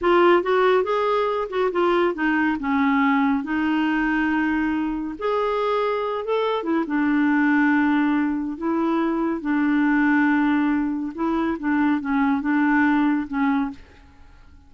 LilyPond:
\new Staff \with { instrumentName = "clarinet" } { \time 4/4 \tempo 4 = 140 f'4 fis'4 gis'4. fis'8 | f'4 dis'4 cis'2 | dis'1 | gis'2~ gis'8 a'4 e'8 |
d'1 | e'2 d'2~ | d'2 e'4 d'4 | cis'4 d'2 cis'4 | }